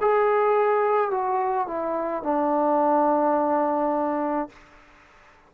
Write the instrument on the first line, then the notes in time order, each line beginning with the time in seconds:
trombone
0.00 G#4
1.10 F#4
1.67 E4
2.23 D4